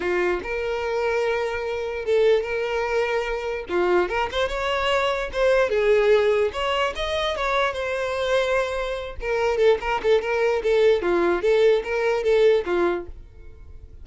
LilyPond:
\new Staff \with { instrumentName = "violin" } { \time 4/4 \tempo 4 = 147 f'4 ais'2.~ | ais'4 a'4 ais'2~ | ais'4 f'4 ais'8 c''8 cis''4~ | cis''4 c''4 gis'2 |
cis''4 dis''4 cis''4 c''4~ | c''2~ c''8 ais'4 a'8 | ais'8 a'8 ais'4 a'4 f'4 | a'4 ais'4 a'4 f'4 | }